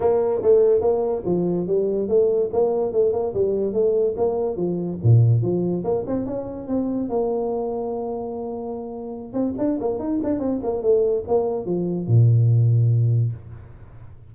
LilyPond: \new Staff \with { instrumentName = "tuba" } { \time 4/4 \tempo 4 = 144 ais4 a4 ais4 f4 | g4 a4 ais4 a8 ais8 | g4 a4 ais4 f4 | ais,4 f4 ais8 c'8 cis'4 |
c'4 ais2.~ | ais2~ ais8 c'8 d'8 ais8 | dis'8 d'8 c'8 ais8 a4 ais4 | f4 ais,2. | }